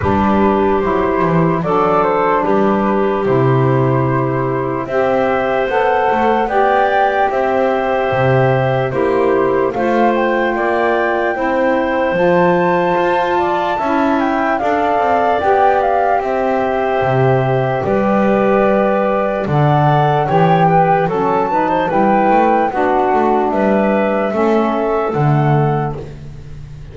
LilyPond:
<<
  \new Staff \with { instrumentName = "flute" } { \time 4/4 \tempo 4 = 74 b'4 c''4 d''8 c''8 b'4 | c''2 e''4 fis''4 | g''4 e''2 c''4 | f''8 g''2~ g''8 a''4~ |
a''4. g''8 f''4 g''8 f''8 | e''2 d''2 | fis''4 g''4 a''4 g''4 | fis''4 e''2 fis''4 | }
  \new Staff \with { instrumentName = "clarinet" } { \time 4/4 g'2 a'4 g'4~ | g'2 c''2 | d''4 c''2 g'4 | c''4 d''4 c''2~ |
c''8 d''8 e''4 d''2 | c''2 b'2 | d''4 cis''8 b'8 a'8 b'16 c''16 b'4 | fis'4 b'4 a'2 | }
  \new Staff \with { instrumentName = "saxophone" } { \time 4/4 d'4 e'4 d'2 | e'2 g'4 a'4 | g'2. e'4 | f'2 e'4 f'4~ |
f'4 e'4 a'4 g'4~ | g'1 | a'4 g'4 cis'8 dis'8 e'4 | d'2 cis'4 a4 | }
  \new Staff \with { instrumentName = "double bass" } { \time 4/4 g4 fis8 e8 fis4 g4 | c2 c'4 b8 a8 | b4 c'4 c4 ais4 | a4 ais4 c'4 f4 |
f'4 cis'4 d'8 c'8 b4 | c'4 c4 g2 | d4 e4 fis4 g8 a8 | b8 a8 g4 a4 d4 | }
>>